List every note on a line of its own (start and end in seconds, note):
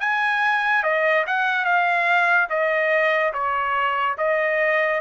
0.00 0.83 G#5
0.83 1.25 D#5
1.27 1.64 F#5
1.64 2.48 F5
2.50 3.33 D#5
3.33 4.16 C#5
4.18 5.01 D#5